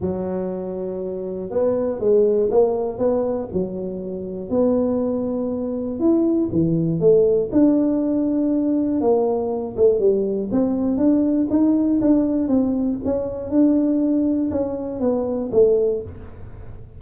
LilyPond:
\new Staff \with { instrumentName = "tuba" } { \time 4/4 \tempo 4 = 120 fis2. b4 | gis4 ais4 b4 fis4~ | fis4 b2. | e'4 e4 a4 d'4~ |
d'2 ais4. a8 | g4 c'4 d'4 dis'4 | d'4 c'4 cis'4 d'4~ | d'4 cis'4 b4 a4 | }